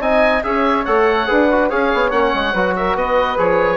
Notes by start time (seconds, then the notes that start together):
0.00 C4 D#4 D#5 G#5
0.43 C#4 G#4 C#5 E5
0.85 A3 A4 F#5
1.27 D4 G#4 B4
1.52 F#4
1.70 C#4 G#4 C#5 F5
1.94 B3
2.11 A#3 C#4 F#5
2.34 G#3
2.54 F#3 F#4 B4
2.76 A#4 E5
2.95 B3 B4 D#5
3.37 F3 G#4 C#5